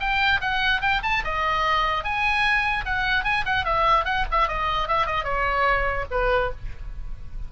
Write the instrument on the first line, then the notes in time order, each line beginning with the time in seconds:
oboe
0.00 G5
0.41 F#5
0.81 G5
1.03 A5
1.24 D#5
2.04 G#5
2.85 F#5
3.24 G#5
3.46 F#5
3.65 E5
4.05 F#5
4.31 E5
4.48 D#5
4.88 E5
5.06 D#5
5.24 C#5
6.11 B4